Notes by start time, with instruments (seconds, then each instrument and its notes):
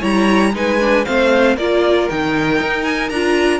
0.00 cello G3, viola E4, violin C#5 A#5
0.53 cello G#3, viola D#4, violin B4 G#5
0.80 viola D4
1.05 cello A3, viola C4, violin C5 F5
1.57 cello A#3, viola F4, violin A#4 D5
2.10 cello D#3, viola D#4, violin G5
2.61 cello D#4
2.84 violin G#5
3.10 cello D4, viola F4, violin A#5